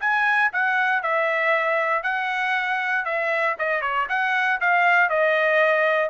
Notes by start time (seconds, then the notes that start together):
0.00 G#5
0.52 F#5
1.03 E5
2.03 F#5
3.05 E5
3.59 D#5
3.81 C#5
4.09 F#5
4.60 F5
5.09 D#5